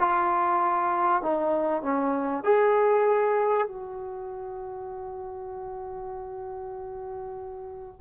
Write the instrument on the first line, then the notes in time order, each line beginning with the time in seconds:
trombone
0.00 F4
1.23 D#4
1.83 C#4
2.45 G#4
3.68 F#4